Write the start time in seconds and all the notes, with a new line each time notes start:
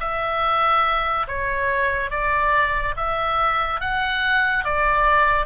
0.00 E5
1.28 C#5
2.10 D5
2.97 E5
3.81 F#5
4.64 D5